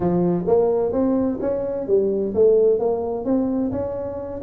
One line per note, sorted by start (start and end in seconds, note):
0.00 0.45 F3
0.47 0.92 A#3
0.92 1.38 C4
1.40 1.87 C#4
1.87 2.33 G3
2.34 2.79 A3
2.79 3.24 A#3
3.24 3.71 C4
3.71 4.41 C#4